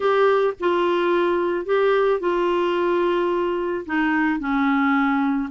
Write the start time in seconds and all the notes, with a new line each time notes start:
0.00 G4
0.60 F4
1.65 G4
2.19 F4
3.85 D#4
4.39 C#4